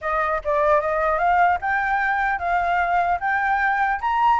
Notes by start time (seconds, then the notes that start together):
0.01 D#5
0.44 D5
0.80 D#5
1.18 F5
1.61 G5
2.38 F5
3.19 G5
4.01 A#5